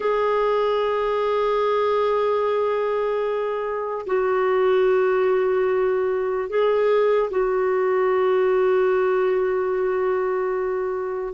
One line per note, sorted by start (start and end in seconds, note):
0.00 4.05 G#4
4.06 6.49 F#4
6.49 7.30 G#4
7.30 11.33 F#4